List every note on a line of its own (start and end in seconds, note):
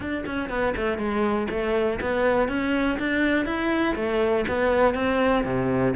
0.00 0.24 D4
0.25 0.49 C#4
0.49 0.74 B3
0.76 0.98 A3
0.98 1.47 G#3
1.50 1.99 A3
2.01 2.48 B3
2.48 2.98 C#4
2.99 3.45 D4
3.45 3.95 E4
3.95 4.45 A3
4.48 4.94 B3
4.94 5.44 C4
5.44 5.94 C3